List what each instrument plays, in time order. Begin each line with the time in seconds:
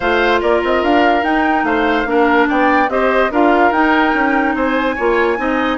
0.00 bassoon A3, clarinet F4, oboe C5, flute F5
0.40 bassoon A#3, oboe A#4, flute D5
0.63 bassoon C4, flute D#5
0.83 bassoon D4, flute F5
1.23 clarinet D#4, bassoon D#4, flute G5
1.63 bassoon A3, oboe C5, flute F5
2.06 bassoon A#3, clarinet D4, oboe A#4
2.48 bassoon B3, oboe D5, flute G5
2.88 bassoon C4, clarinet G4, oboe C5, flute D#5
3.30 bassoon D4, clarinet F4, oboe A#4, flute F5
3.71 bassoon D#4, clarinet D#4, flute G5
4.13 bassoon C#4
4.54 bassoon C4, oboe C5, flute G#5
4.95 bassoon A#3, clarinet F4, oboe C#5
5.37 bassoon C4, clarinet D#4, oboe D#5